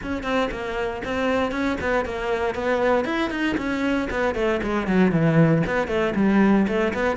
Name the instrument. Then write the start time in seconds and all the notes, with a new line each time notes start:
cello
0.03 C#4
0.23 C4
0.51 A#3
1.04 C4
1.51 C#4
1.81 B3
2.05 A#3
2.54 B3
3.04 E4
3.30 D#4
3.57 C#4
4.10 B3
4.34 A3
4.62 G#3
4.87 F#3
5.11 E3
5.67 B3
5.87 A3
6.15 G3
6.67 A3
6.93 B3